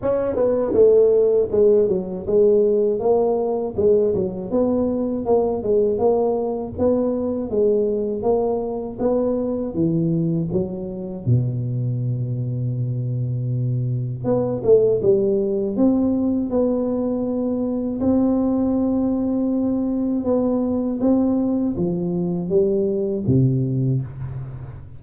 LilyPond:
\new Staff \with { instrumentName = "tuba" } { \time 4/4 \tempo 4 = 80 cis'8 b8 a4 gis8 fis8 gis4 | ais4 gis8 fis8 b4 ais8 gis8 | ais4 b4 gis4 ais4 | b4 e4 fis4 b,4~ |
b,2. b8 a8 | g4 c'4 b2 | c'2. b4 | c'4 f4 g4 c4 | }